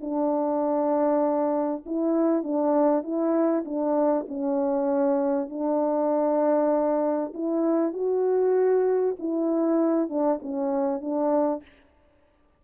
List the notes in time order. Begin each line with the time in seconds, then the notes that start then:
0.00 D4
1.86 E4
2.43 D4
3.03 E4
3.65 D4
4.28 C#4
5.49 D4
7.34 E4
7.93 F#4
9.18 E4
10.09 D4
10.42 C#4
11.01 D4